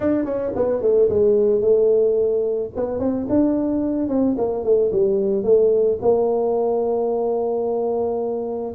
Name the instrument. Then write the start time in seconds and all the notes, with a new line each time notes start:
tuba
0.00 D4
0.25 C#4
0.55 B3
0.81 A3
1.09 G#3
1.61 A3
2.75 B3
2.99 C4
3.29 D4
4.08 C4
4.37 A#3
4.63 A3
4.91 G3
5.43 A3
6.01 A#3